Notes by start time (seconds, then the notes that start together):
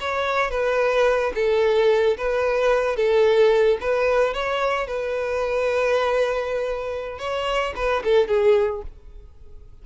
0.00 C#5
0.51 B4
1.35 A4
2.17 B4
2.96 A4
3.80 B4
4.33 C#5
4.87 B4
7.19 C#5
7.76 B4
8.04 A4
8.27 G#4